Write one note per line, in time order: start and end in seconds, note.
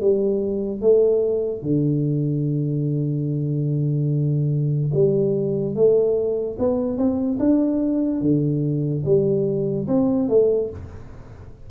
0.00 0.81 G3
0.81 1.62 A3
1.62 4.91 D3
4.93 5.75 G3
5.75 6.57 A3
6.59 6.97 B3
6.97 7.38 C4
7.39 8.21 D4
8.21 9.03 D3
9.04 9.87 G3
9.87 10.29 C4
10.29 10.70 A3